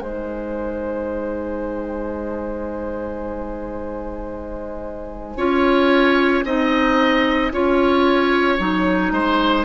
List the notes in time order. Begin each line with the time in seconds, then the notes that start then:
0.00 G#3 D#4 C5 G#5
5.37 C#4 F4 C#5
6.45 C4 D#4 D#5
7.52 C#4 F4 C#5
8.59 F#3 D#4
9.12 G#3 C5